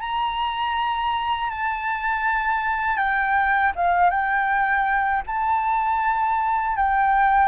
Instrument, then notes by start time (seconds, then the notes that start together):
flute
0.00 A#5
1.50 A5
2.97 G5
3.75 F5
4.10 G5
5.27 A5
6.77 G5